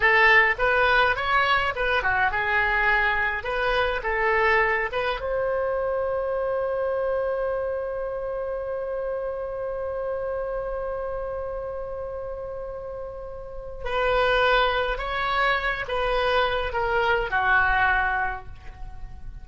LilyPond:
\new Staff \with { instrumentName = "oboe" } { \time 4/4 \tempo 4 = 104 a'4 b'4 cis''4 b'8 fis'8 | gis'2 b'4 a'4~ | a'8 b'8 c''2.~ | c''1~ |
c''1~ | c''1 | b'2 cis''4. b'8~ | b'4 ais'4 fis'2 | }